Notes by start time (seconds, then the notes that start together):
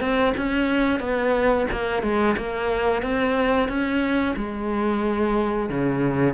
0.00 C4
0.37 C#4
1.00 B3
1.71 A#3
2.02 G#3
2.37 A#3
3.02 C4
3.68 C#4
4.36 G#3
5.69 C#3